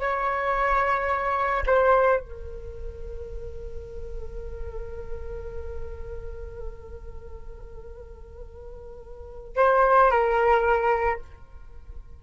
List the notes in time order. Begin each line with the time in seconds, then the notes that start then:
0.00 C#5
1.66 C5
2.20 A#4
9.56 C5
10.11 A#4